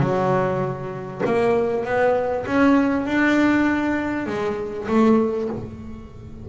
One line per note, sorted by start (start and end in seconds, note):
0.00 1.21 F#3
1.26 1.85 A#3
1.85 2.45 B3
2.46 3.06 C#4
3.06 4.26 D4
4.26 4.87 G#3
4.88 5.48 A3